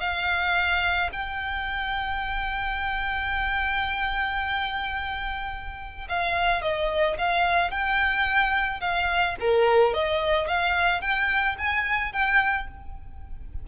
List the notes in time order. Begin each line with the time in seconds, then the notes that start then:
0.00 F5
1.13 G5
6.09 F5
6.62 D#5
7.18 F5
7.71 G5
8.81 F5
9.40 A#4
9.94 D#5
10.48 F5
11.01 G5
11.58 G#5
12.13 G5